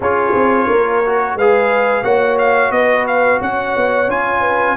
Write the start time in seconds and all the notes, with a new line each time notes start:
0.00 C#4 F4 G#4 C#5
0.34 C4
0.67 A#3 A#4
1.05 F#4
1.35 G#3 G#4 B4 F5
2.03 A#3 F#4 C#5 F#5
2.38 F5
2.70 B3 B4 D#5
3.07 F5
3.40 C#4 C#5 F#5
3.76 B3
4.07 C#4 F4 G#5
4.40 B4